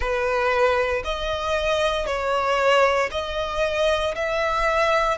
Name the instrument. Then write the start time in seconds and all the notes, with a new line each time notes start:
violin
0.00 B4
1.04 D#5
2.06 C#5
3.11 D#5
4.15 E5